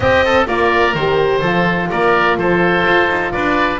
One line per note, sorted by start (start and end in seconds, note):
0.00 0.46 C4
0.00 0.24 G4
0.00 0.46 D#5
0.24 0.47 A4
0.46 0.94 A#3
0.46 0.93 F4
0.46 1.41 A#4
0.46 0.94 D5
0.94 1.42 D#3
0.94 1.44 G4
0.94 1.90 C5
1.41 1.90 F3
1.41 3.80 F4
1.41 1.88 A4
1.90 2.37 A#3
1.90 2.38 A#4
1.90 2.38 D5
2.37 2.84 F3
2.37 3.33 A4
2.37 3.31 C5
2.86 3.09 F4
3.09 3.32 D#4
3.31 3.80 D4
3.31 3.80 B4
3.31 3.79 D5